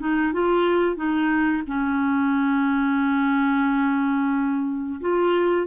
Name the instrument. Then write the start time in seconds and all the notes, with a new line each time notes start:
clarinet
0.00 D#4
0.34 F4
0.97 D#4
1.67 C#4
5.01 F4